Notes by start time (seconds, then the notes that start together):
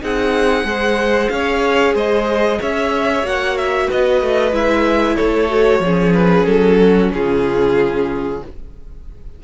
0.00 C4 D#4 G#4 F#5
0.64 G#3 G#4 C5
1.29 C#4 C#5 F5
1.94 G#3 C5 D#5
2.60 C#4 C#5 E5
3.23 A#3 F#4 F#5
3.57 E5
3.87 B4 D#5
3.93 B3
4.21 A3
4.52 G#3 E4 E5
5.15 A3 A4 C#5
5.49 F#4
5.80 F3 C#4 G#4
6.13 B4
6.45 F#3 A4
6.79 F#4
7.12 C#3 F4 G#4